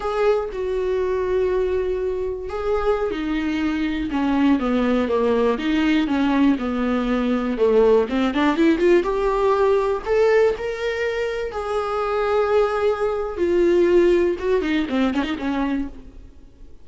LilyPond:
\new Staff \with { instrumentName = "viola" } { \time 4/4 \tempo 4 = 121 gis'4 fis'2.~ | fis'4 gis'4~ gis'16 dis'4.~ dis'16~ | dis'16 cis'4 b4 ais4 dis'8.~ | dis'16 cis'4 b2 a8.~ |
a16 c'8 d'8 e'8 f'8 g'4.~ g'16~ | g'16 a'4 ais'2 gis'8.~ | gis'2. f'4~ | f'4 fis'8 dis'8 c'8 cis'16 dis'16 cis'4 | }